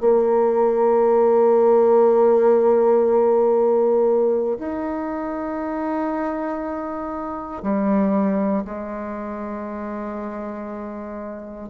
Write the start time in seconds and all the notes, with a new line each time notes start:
0.00 A#3
4.59 D#4
7.63 G3
8.65 G#3